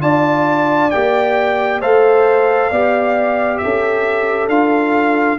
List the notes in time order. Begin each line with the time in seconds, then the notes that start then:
0.00 D4 F4 D5 A5
0.90 A#3 G4 G5
1.80 A3 A4 C5 F5
2.70 B3 G4 D5
3.57 A4 E5
3.64 C#4
4.48 D4 F4 F5